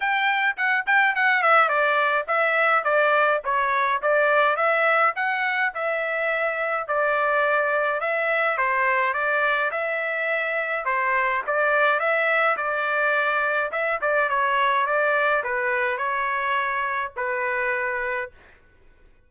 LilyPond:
\new Staff \with { instrumentName = "trumpet" } { \time 4/4 \tempo 4 = 105 g''4 fis''8 g''8 fis''8 e''8 d''4 | e''4 d''4 cis''4 d''4 | e''4 fis''4 e''2 | d''2 e''4 c''4 |
d''4 e''2 c''4 | d''4 e''4 d''2 | e''8 d''8 cis''4 d''4 b'4 | cis''2 b'2 | }